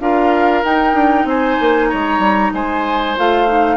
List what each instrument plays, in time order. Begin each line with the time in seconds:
0.00 bassoon D4, clarinet F4, oboe A#4, flute F5
0.64 bassoon D#4, clarinet D#4, flute G5
0.94 bassoon D4
1.25 bassoon C4, oboe C5, flute G#5
1.61 bassoon A#3
1.88 bassoon G#3, oboe C#5, flute A#5
2.19 bassoon G3
2.54 bassoon G#3, oboe C5, flute G#5
3.17 bassoon A3, clarinet F4, flute F5
3.47 clarinet D#4